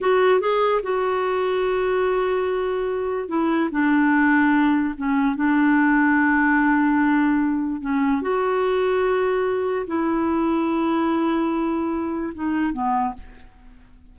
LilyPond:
\new Staff \with { instrumentName = "clarinet" } { \time 4/4 \tempo 4 = 146 fis'4 gis'4 fis'2~ | fis'1 | e'4 d'2. | cis'4 d'2.~ |
d'2. cis'4 | fis'1 | e'1~ | e'2 dis'4 b4 | }